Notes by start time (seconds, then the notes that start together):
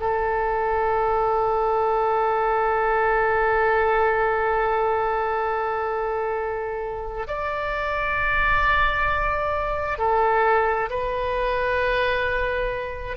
0.00 A4
7.28 D5
9.99 A4
10.90 B4